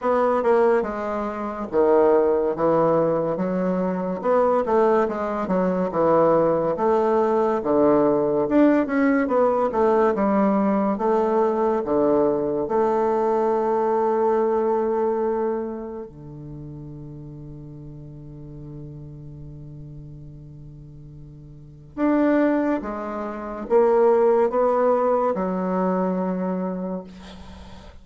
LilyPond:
\new Staff \with { instrumentName = "bassoon" } { \time 4/4 \tempo 4 = 71 b8 ais8 gis4 dis4 e4 | fis4 b8 a8 gis8 fis8 e4 | a4 d4 d'8 cis'8 b8 a8 | g4 a4 d4 a4~ |
a2. d4~ | d1~ | d2 d'4 gis4 | ais4 b4 fis2 | }